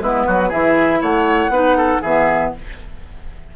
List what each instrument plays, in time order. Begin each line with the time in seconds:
0.00 bassoon G#3, clarinet B3, oboe E4, flute B4
0.26 bassoon F#3, oboe F#4
0.49 bassoon E3, clarinet E4, oboe G#4, flute E5
1.01 bassoon A3, oboe C#5, flute F#5
1.49 bassoon B3, clarinet D#4, oboe B4
1.77 oboe A4
2.01 bassoon E3, clarinet B3, oboe G#4, flute E5